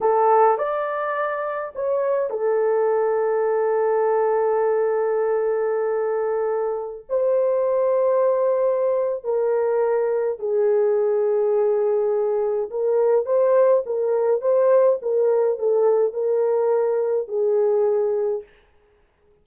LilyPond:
\new Staff \with { instrumentName = "horn" } { \time 4/4 \tempo 4 = 104 a'4 d''2 cis''4 | a'1~ | a'1~ | a'16 c''2.~ c''8. |
ais'2 gis'2~ | gis'2 ais'4 c''4 | ais'4 c''4 ais'4 a'4 | ais'2 gis'2 | }